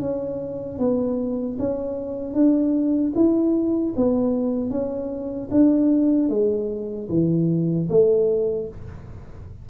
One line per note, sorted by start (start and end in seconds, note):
0.00 0.79 C#4
0.79 1.58 B3
1.60 2.34 C#4
2.34 3.13 D4
3.15 3.94 E4
3.97 4.70 B3
4.70 5.49 C#4
5.52 6.29 D4
6.29 7.08 G#3
7.09 7.88 E3
7.89 8.68 A3